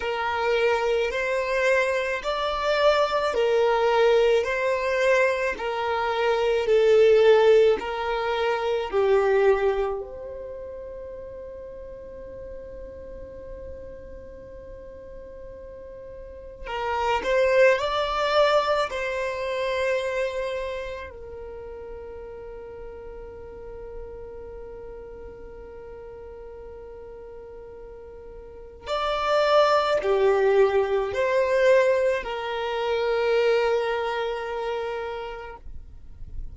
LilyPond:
\new Staff \with { instrumentName = "violin" } { \time 4/4 \tempo 4 = 54 ais'4 c''4 d''4 ais'4 | c''4 ais'4 a'4 ais'4 | g'4 c''2.~ | c''2. ais'8 c''8 |
d''4 c''2 ais'4~ | ais'1~ | ais'2 d''4 g'4 | c''4 ais'2. | }